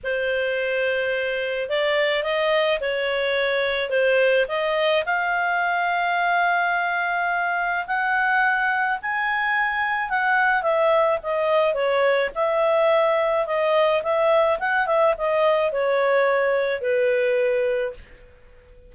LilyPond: \new Staff \with { instrumentName = "clarinet" } { \time 4/4 \tempo 4 = 107 c''2. d''4 | dis''4 cis''2 c''4 | dis''4 f''2.~ | f''2 fis''2 |
gis''2 fis''4 e''4 | dis''4 cis''4 e''2 | dis''4 e''4 fis''8 e''8 dis''4 | cis''2 b'2 | }